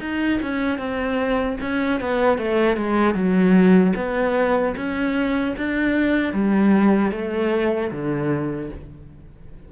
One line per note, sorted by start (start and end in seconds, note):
0.00 0.39 D#4
0.42 0.78 C#4
0.78 1.57 C4
1.61 2.00 C#4
2.00 2.38 B3
2.38 2.77 A3
2.77 3.14 G#3
3.14 3.93 F#3
3.95 4.74 B3
4.76 5.55 C#4
5.57 6.33 D4
6.33 7.12 G3
7.12 7.91 A3
7.91 8.70 D3